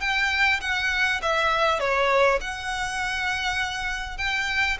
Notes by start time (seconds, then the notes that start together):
0.00 G5
0.60 F#5
1.22 E5
1.79 C#5
2.40 F#5
4.17 G5